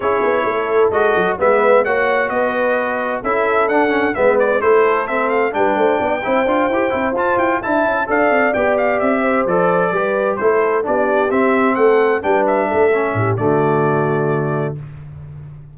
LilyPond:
<<
  \new Staff \with { instrumentName = "trumpet" } { \time 4/4 \tempo 4 = 130 cis''2 dis''4 e''4 | fis''4 dis''2 e''4 | fis''4 e''8 d''8 c''4 e''8 f''8 | g''2.~ g''8 a''8 |
g''8 a''4 f''4 g''8 f''8 e''8~ | e''8 d''2 c''4 d''8~ | d''8 e''4 fis''4 g''8 e''4~ | e''4 d''2. | }
  \new Staff \with { instrumentName = "horn" } { \time 4/4 gis'4 a'2 b'4 | cis''4 b'2 a'4~ | a'4 b'4 a'2 | b'8 c''8 d''8 c''2~ c''8~ |
c''8 e''4 d''2~ d''8 | c''4. b'4 a'4 g'8~ | g'4. a'4 b'4 a'8~ | a'8 g'8 fis'2. | }
  \new Staff \with { instrumentName = "trombone" } { \time 4/4 e'2 fis'4 b4 | fis'2. e'4 | d'8 cis'8 b4 e'4 c'4 | d'4. e'8 f'8 g'8 e'8 f'8~ |
f'8 e'4 a'4 g'4.~ | g'8 a'4 g'4 e'4 d'8~ | d'8 c'2 d'4. | cis'4 a2. | }
  \new Staff \with { instrumentName = "tuba" } { \time 4/4 cis'8 b8 a4 gis8 fis8 gis4 | ais4 b2 cis'4 | d'4 gis4 a2 | g8 a8 b8 c'8 d'8 e'8 c'8 f'8 |
e'8 d'8 cis'8 d'8 c'8 b4 c'8~ | c'8 f4 g4 a4 b8~ | b8 c'4 a4 g4 a8~ | a8 a,8 d2. | }
>>